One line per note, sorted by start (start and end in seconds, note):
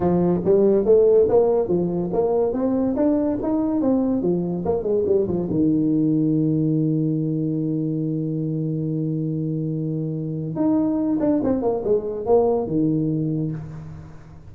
0.00 0.41 F3
0.44 0.85 G3
0.85 1.27 A3
1.28 1.68 A#3
1.68 2.10 F3
2.12 2.53 A#3
2.53 2.95 C4
2.96 3.38 D4
3.42 3.81 D#4
3.81 4.22 C4
4.22 4.64 F3
4.65 4.83 A#3
4.83 5.04 G#3
5.06 5.27 G3
5.27 5.48 F3
5.50 10.55 D#3
10.55 11.18 D#4
11.20 11.41 D4
11.43 11.62 C4
11.62 11.83 A#3
11.84 12.26 G#3
12.26 12.66 A#3
12.66 13.51 D#3